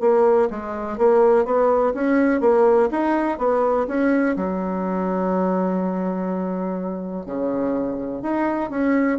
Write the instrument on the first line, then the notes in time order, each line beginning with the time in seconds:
bassoon
0.00 A#3
0.50 G#3
0.97 A#3
1.45 B3
1.94 C#4
2.41 A#3
2.91 D#4
3.38 B3
3.87 C#4
4.36 F#3
7.25 C#3
8.22 D#4
8.70 C#4